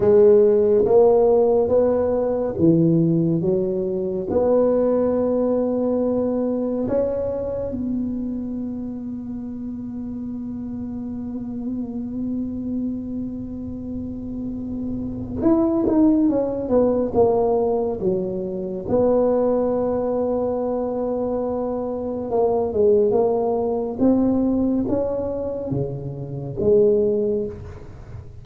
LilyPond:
\new Staff \with { instrumentName = "tuba" } { \time 4/4 \tempo 4 = 70 gis4 ais4 b4 e4 | fis4 b2. | cis'4 b2.~ | b1~ |
b2 e'8 dis'8 cis'8 b8 | ais4 fis4 b2~ | b2 ais8 gis8 ais4 | c'4 cis'4 cis4 gis4 | }